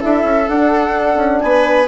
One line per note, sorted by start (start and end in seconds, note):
0.00 0.24 D4
0.00 0.47 E4
0.00 1.41 A4
0.00 0.48 E5
0.24 0.47 C#4
0.48 1.16 D4
0.48 1.88 D4
0.48 1.41 F#5
1.16 1.40 C#4
1.41 1.88 B3
1.41 1.88 B4
1.41 1.88 G#5